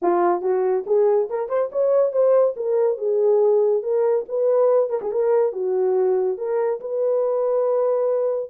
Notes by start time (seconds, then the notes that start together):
0.02 F4
0.41 F#4
0.86 G#4
1.29 A#4
1.48 C5
1.72 C#5
2.12 C5
2.56 A#4
2.97 G#4
3.82 A#4
4.28 B4
4.89 A#4
5.01 G#4
5.11 A#4
5.52 F#4
6.37 A#4
6.80 B4